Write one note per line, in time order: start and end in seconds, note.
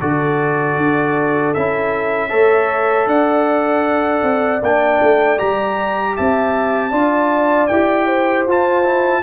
0.00 0.77 D3
0.00 1.55 F#4
0.00 2.31 A4
0.00 1.54 D5
0.77 1.54 D4
1.54 2.32 C#4
1.54 2.30 E4
1.54 3.08 E5
2.30 3.07 A3
2.30 4.60 A4
2.30 3.08 C#5
3.07 4.22 D4
3.07 6.16 D5
3.07 4.62 F#5
4.23 4.62 C4
4.62 5.01 A#3
4.62 5.38 D4
4.62 5.39 G5
5.02 5.41 A3
5.38 6.19 G3
5.38 6.92 G4
5.38 6.16 A#5
6.17 6.92 C4
6.17 6.92 E5
6.17 7.67 A5
6.92 7.69 D4
6.92 7.69 F4
6.92 8.07 D5
7.67 8.47 E4
7.67 8.49 G4
7.67 8.44 G5
8.07 9.22 C5
8.47 9.24 F4
8.47 8.84 F4
8.47 9.24 A5
8.84 9.23 E4